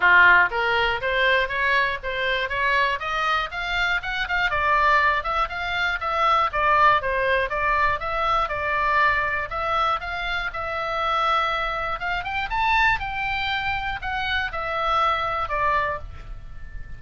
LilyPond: \new Staff \with { instrumentName = "oboe" } { \time 4/4 \tempo 4 = 120 f'4 ais'4 c''4 cis''4 | c''4 cis''4 dis''4 f''4 | fis''8 f''8 d''4. e''8 f''4 | e''4 d''4 c''4 d''4 |
e''4 d''2 e''4 | f''4 e''2. | f''8 g''8 a''4 g''2 | fis''4 e''2 d''4 | }